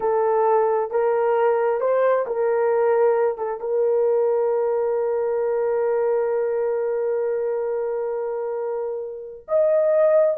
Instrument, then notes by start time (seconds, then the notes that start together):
horn
0.00 A4
0.90 A#4
1.80 C5
2.27 A#4
3.38 A4
3.60 A#4
9.48 D#5